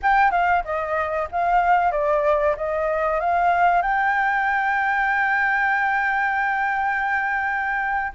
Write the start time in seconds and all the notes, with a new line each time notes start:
0.02 G5
0.31 F5
0.64 D#5
1.31 F5
1.91 D5
2.56 D#5
3.19 F5
3.82 G5